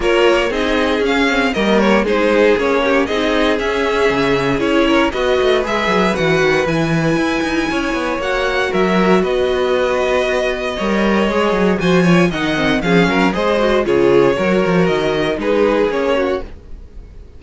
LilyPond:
<<
  \new Staff \with { instrumentName = "violin" } { \time 4/4 \tempo 4 = 117 cis''4 dis''4 f''4 dis''8 cis''8 | c''4 cis''4 dis''4 e''4~ | e''4 cis''4 dis''4 e''4 | fis''4 gis''2. |
fis''4 e''4 dis''2~ | dis''2. gis''4 | fis''4 f''4 dis''4 cis''4~ | cis''4 dis''4 b'4 cis''4 | }
  \new Staff \with { instrumentName = "violin" } { \time 4/4 ais'4 gis'2 ais'4 | gis'4. g'8 gis'2~ | gis'4. ais'8 b'2~ | b'2. cis''4~ |
cis''4 ais'4 b'2~ | b'4 cis''2 c''8 cis''8 | dis''4 gis'8 ais'8 c''4 gis'4 | ais'2 gis'4. fis'8 | }
  \new Staff \with { instrumentName = "viola" } { \time 4/4 f'4 dis'4 cis'8 c'8 ais4 | dis'4 cis'4 dis'4 cis'4~ | cis'4 e'4 fis'4 gis'4 | fis'4 e'2. |
fis'1~ | fis'4 ais'4 gis'4 fis'8 f'8 | dis'8 c'8 cis'4 gis'8 fis'8 f'4 | fis'2 dis'4 cis'4 | }
  \new Staff \with { instrumentName = "cello" } { \time 4/4 ais4 c'4 cis'4 g4 | gis4 ais4 c'4 cis'4 | cis4 cis'4 b8 a8 gis8 fis8 | e8 dis8 e4 e'8 dis'8 cis'8 b8 |
ais4 fis4 b2~ | b4 g4 gis8 fis8 f4 | dis4 f8 fis8 gis4 cis4 | fis8 f8 dis4 gis4 ais4 | }
>>